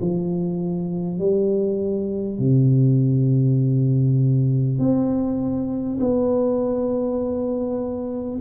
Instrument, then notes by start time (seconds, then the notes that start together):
tuba
0.00 F3
1.18 G3
2.38 C3
4.78 C4
5.99 B3